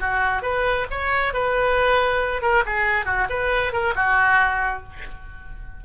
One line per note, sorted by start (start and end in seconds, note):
0.00 0.42 F#4
0.42 0.86 B4
0.91 1.34 C#5
1.34 2.42 B4
2.42 2.64 A#4
2.66 3.06 G#4
3.06 3.27 F#4
3.29 3.72 B4
3.72 3.94 A#4
3.95 4.83 F#4